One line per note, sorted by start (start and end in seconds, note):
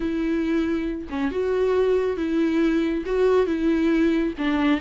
0.00 1.08 E4
1.09 1.31 C#4
1.31 2.16 F#4
2.16 3.03 E4
3.05 3.46 F#4
3.46 4.33 E4
4.38 4.80 D4